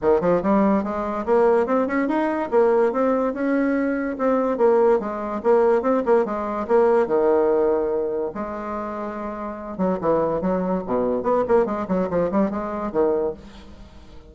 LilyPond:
\new Staff \with { instrumentName = "bassoon" } { \time 4/4 \tempo 4 = 144 dis8 f8 g4 gis4 ais4 | c'8 cis'8 dis'4 ais4 c'4 | cis'2 c'4 ais4 | gis4 ais4 c'8 ais8 gis4 |
ais4 dis2. | gis2.~ gis8 fis8 | e4 fis4 b,4 b8 ais8 | gis8 fis8 f8 g8 gis4 dis4 | }